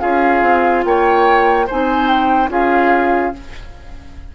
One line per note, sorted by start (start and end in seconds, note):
0.00 0.42 C#4
0.00 1.67 F4
0.00 0.85 G#4
0.00 0.84 F5
0.42 0.84 C4
0.85 1.68 A#3
0.85 1.66 C#5
0.85 1.68 G5
1.66 2.49 C4
1.66 2.49 D#4
1.66 2.50 C5
1.66 2.08 G#5
2.08 2.49 G5
2.49 3.32 C#4
2.49 3.32 F4
2.49 3.35 G#4
2.49 3.35 F5